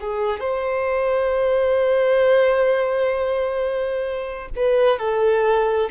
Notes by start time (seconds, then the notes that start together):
0.00 G#4
0.39 C5
4.56 B4
4.98 A4